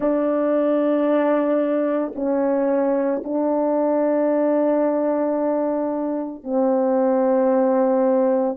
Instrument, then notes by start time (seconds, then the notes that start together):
horn
0.00 D4
2.15 C#4
3.23 D4
6.43 C4